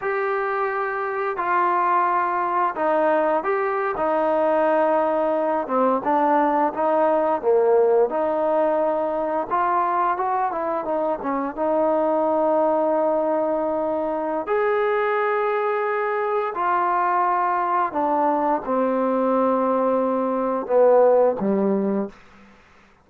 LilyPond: \new Staff \with { instrumentName = "trombone" } { \time 4/4 \tempo 4 = 87 g'2 f'2 | dis'4 g'8. dis'2~ dis'16~ | dis'16 c'8 d'4 dis'4 ais4 dis'16~ | dis'4.~ dis'16 f'4 fis'8 e'8 dis'16~ |
dis'16 cis'8 dis'2.~ dis'16~ | dis'4 gis'2. | f'2 d'4 c'4~ | c'2 b4 g4 | }